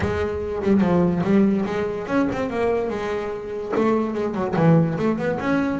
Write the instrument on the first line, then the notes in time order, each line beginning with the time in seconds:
double bass
0.00 G#3
0.62 G3
0.80 F3
1.23 G3
1.65 G#3
2.07 C#4
2.32 C4
2.49 A#3
2.89 G#3
3.75 A3
4.13 G#3
4.34 F#3
4.56 E3
4.98 A3
5.17 B3
5.39 C#4